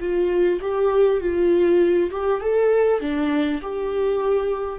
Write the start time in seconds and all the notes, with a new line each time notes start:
0.00 F4
0.61 G4
1.20 F4
2.11 G4
2.41 A4
3.00 D4
3.62 G4